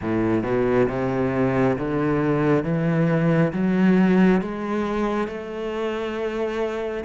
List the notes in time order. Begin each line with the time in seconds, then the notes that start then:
0.01 A2
0.43 B2
0.88 C3
1.78 D3
2.64 E3
3.53 F#3
4.41 G#3
5.27 A3